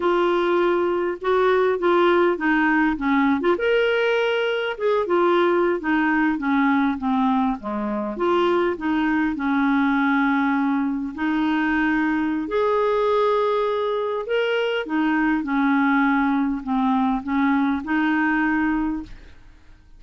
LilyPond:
\new Staff \with { instrumentName = "clarinet" } { \time 4/4 \tempo 4 = 101 f'2 fis'4 f'4 | dis'4 cis'8. f'16 ais'2 | gis'8 f'4~ f'16 dis'4 cis'4 c'16~ | c'8. gis4 f'4 dis'4 cis'16~ |
cis'2~ cis'8. dis'4~ dis'16~ | dis'4 gis'2. | ais'4 dis'4 cis'2 | c'4 cis'4 dis'2 | }